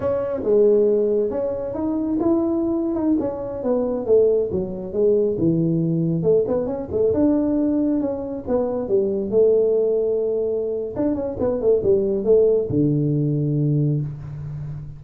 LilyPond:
\new Staff \with { instrumentName = "tuba" } { \time 4/4 \tempo 4 = 137 cis'4 gis2 cis'4 | dis'4 e'4.~ e'16 dis'8 cis'8.~ | cis'16 b4 a4 fis4 gis8.~ | gis16 e2 a8 b8 cis'8 a16~ |
a16 d'2 cis'4 b8.~ | b16 g4 a2~ a8.~ | a4 d'8 cis'8 b8 a8 g4 | a4 d2. | }